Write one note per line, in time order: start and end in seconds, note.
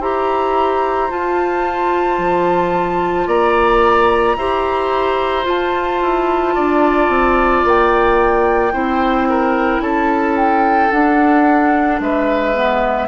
0.00 1.10 E4
0.00 1.10 G4
0.00 3.27 C5
0.00 1.11 A#5
1.10 4.37 F4
1.10 2.18 F4
1.10 3.27 A5
2.18 3.27 F3
3.27 4.35 A#3
3.27 4.36 D5
3.27 5.46 A#5
4.35 5.45 E4
4.35 5.43 G4
4.35 6.55 C5
5.43 8.71 F4
5.43 6.02 F4
5.43 7.66 A5
6.02 6.56 E4
6.55 7.09 D4
6.55 8.73 D5
7.09 7.63 C4
7.64 8.73 A#3
7.64 9.81 G5
8.72 9.80 C4
8.72 10.90 E4
8.72 9.28 C5
9.30 9.82 A#4
9.80 10.89 C#4
9.80 12.01 A4
9.80 10.36 A5
10.36 10.91 G5
10.91 12.55 D4
10.91 12.00 D4
10.91 12.00 F#5
12.00 13.08 G#3
12.00 13.08 B4
12.00 13.08 E5
12.55 13.08 B3